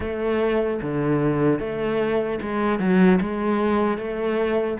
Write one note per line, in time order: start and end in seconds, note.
0.00 0.80 A3
0.81 1.59 D3
1.59 2.39 A3
2.41 2.79 G#3
2.79 3.19 F#3
3.20 3.97 G#3
3.97 4.77 A3